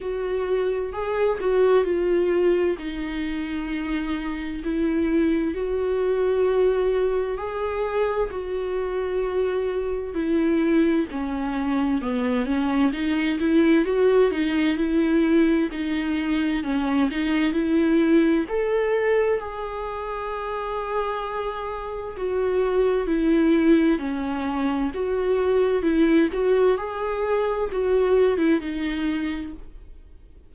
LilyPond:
\new Staff \with { instrumentName = "viola" } { \time 4/4 \tempo 4 = 65 fis'4 gis'8 fis'8 f'4 dis'4~ | dis'4 e'4 fis'2 | gis'4 fis'2 e'4 | cis'4 b8 cis'8 dis'8 e'8 fis'8 dis'8 |
e'4 dis'4 cis'8 dis'8 e'4 | a'4 gis'2. | fis'4 e'4 cis'4 fis'4 | e'8 fis'8 gis'4 fis'8. e'16 dis'4 | }